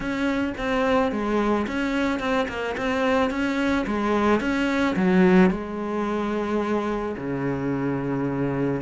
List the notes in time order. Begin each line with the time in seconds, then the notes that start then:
0.00 C#4
0.57 C4
1.11 G#3
1.67 C#4
2.19 C4
2.48 A#3
2.77 C4
3.30 C#4
3.86 G#3
4.40 C#4
4.95 F#3
5.50 G#3
7.17 C#3